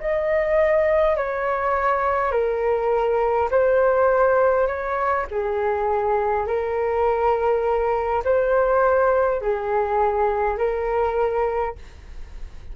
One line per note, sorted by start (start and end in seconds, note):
0.00 1.16 D#5
1.16 2.32 C#5
2.32 3.49 A#4
3.51 4.67 C5
4.67 5.26 C#5
5.30 6.47 G#4
6.47 8.23 A#4
8.24 9.41 C5
9.41 10.57 G#4
10.57 11.75 A#4